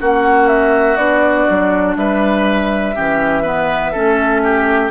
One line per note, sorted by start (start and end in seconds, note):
0.00 0.97 A#3
0.00 0.97 C#4
0.00 1.97 F#4
0.00 0.48 F#5
0.48 0.96 E5
0.96 1.46 B3
0.96 2.93 D4
0.96 1.95 D5
1.49 1.96 F#3
1.96 2.94 G3
1.96 2.95 B4
1.96 4.91 E5
2.95 3.96 E3
2.95 3.44 C#4
2.95 3.42 G4
3.42 3.93 B3
3.42 3.92 B4
3.92 4.91 A3
3.92 4.91 C#4
3.92 4.41 A4
4.43 4.91 G4